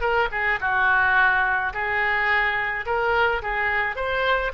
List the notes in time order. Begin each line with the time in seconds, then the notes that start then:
0.00 A#4
0.31 G#4
0.60 F#4
1.73 G#4
2.85 A#4
3.42 G#4
3.95 C5